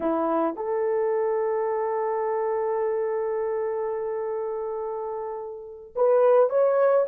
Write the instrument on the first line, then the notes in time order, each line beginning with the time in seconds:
horn
0.00 E4
0.56 A4
5.95 B4
6.49 C#5